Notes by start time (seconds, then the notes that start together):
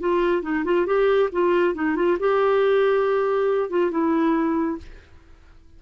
0.00 F4
0.42 D#4
0.65 F4
0.86 G4
1.32 F4
1.75 D#4
1.96 F4
2.19 G4
3.70 F4
3.91 E4